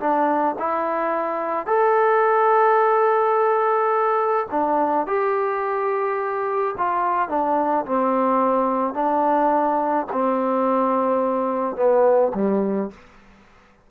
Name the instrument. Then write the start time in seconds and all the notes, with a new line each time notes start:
trombone
0.00 D4
0.59 E4
1.67 A4
4.51 D4
5.07 G4
6.78 F4
7.29 D4
7.86 C4
8.94 D4
10.12 C4
11.76 B3
12.35 G3